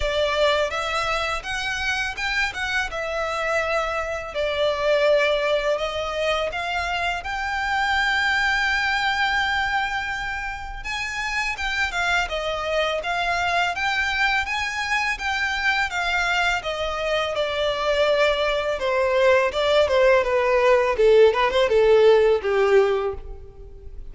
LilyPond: \new Staff \with { instrumentName = "violin" } { \time 4/4 \tempo 4 = 83 d''4 e''4 fis''4 g''8 fis''8 | e''2 d''2 | dis''4 f''4 g''2~ | g''2. gis''4 |
g''8 f''8 dis''4 f''4 g''4 | gis''4 g''4 f''4 dis''4 | d''2 c''4 d''8 c''8 | b'4 a'8 b'16 c''16 a'4 g'4 | }